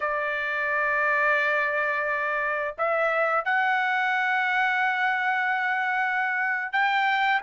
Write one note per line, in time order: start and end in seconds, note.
0.00 2.75 D5
2.77 3.45 E5
3.45 6.72 F#5
6.72 7.41 G5